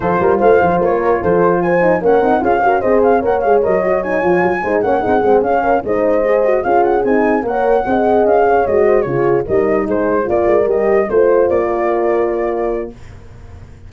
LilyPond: <<
  \new Staff \with { instrumentName = "flute" } { \time 4/4 \tempo 4 = 149 c''4 f''4 cis''4 c''4 | gis''4 fis''4 f''4 dis''8 f''8 | fis''8 f''8 dis''4 gis''2 | fis''4. f''4 dis''4.~ |
dis''8 f''8 fis''8 gis''4 fis''4.~ | fis''8 f''4 dis''4 cis''4 dis''8~ | dis''8 c''4 d''4 dis''4 c''8~ | c''8 d''2.~ d''8 | }
  \new Staff \with { instrumentName = "horn" } { \time 4/4 a'8 ais'8 c''4. ais'8 a'4 | c''4 ais'4 gis'8 ais'8 c''4 | cis''2.~ cis''8 c''8 | cis''8 gis'4. ais'8 c''4.~ |
c''8 gis'2 cis''4 dis''8~ | dis''4 cis''4 c''8 gis'4 ais'8~ | ais'8 gis'4 ais'2 c''8~ | c''4 ais'2. | }
  \new Staff \with { instrumentName = "horn" } { \time 4/4 f'1~ | f'8 dis'8 cis'8 dis'8 f'8 fis'8 gis'4 | ais'8 gis'8 ais'8 fis'8 dis'8 f'4 dis'8 | cis'8 dis'8 c'8 cis'4 dis'4 gis'8 |
fis'8 f'4 dis'4 ais'4 gis'8~ | gis'4. fis'4 f'4 dis'8~ | dis'4. f'4 g'4 f'8~ | f'1 | }
  \new Staff \with { instrumentName = "tuba" } { \time 4/4 f8 g8 a8 f8 ais4 f4~ | f4 ais8 c'8 cis'4 c'4 | ais8 gis8 fis4. f8 fis8 gis8 | ais8 c'8 gis8 cis'4 gis4.~ |
gis8 cis'4 c'4 ais4 c'8~ | c'8 cis'4 gis4 cis4 g8~ | g8 gis4 ais8 gis8 g4 a8~ | a8 ais2.~ ais8 | }
>>